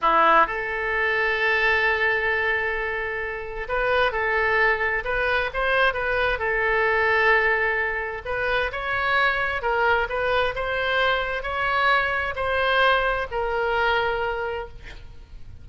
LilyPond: \new Staff \with { instrumentName = "oboe" } { \time 4/4 \tempo 4 = 131 e'4 a'2.~ | a'1 | b'4 a'2 b'4 | c''4 b'4 a'2~ |
a'2 b'4 cis''4~ | cis''4 ais'4 b'4 c''4~ | c''4 cis''2 c''4~ | c''4 ais'2. | }